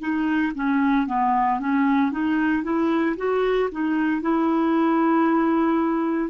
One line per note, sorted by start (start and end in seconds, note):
0.00 0.53 D#4
0.55 1.07 C#4
1.07 1.60 B3
1.60 2.12 C#4
2.12 2.64 D#4
2.64 3.16 E4
3.17 3.70 F#4
3.72 4.22 D#4
4.22 6.31 E4